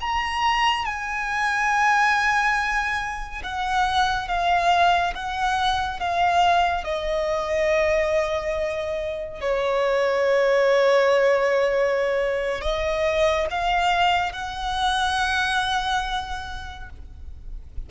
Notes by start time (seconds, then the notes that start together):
0.00 A#5
0.85 G#5
3.43 F#5
4.27 F5
5.14 F#5
5.99 F5
6.84 D#5
9.41 C#5
12.61 D#5
13.50 F5
14.32 F#5